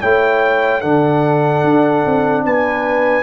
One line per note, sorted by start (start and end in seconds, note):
0.00 0.83 A3
0.00 0.82 E4
0.00 0.81 C#5
0.00 0.81 G5
0.81 1.64 D3
0.81 3.23 D4
0.81 2.43 A4
0.81 2.43 F#5
1.64 2.04 D4
2.06 2.44 C4
2.44 3.23 B3
2.44 3.23 B4
2.44 3.23 G#5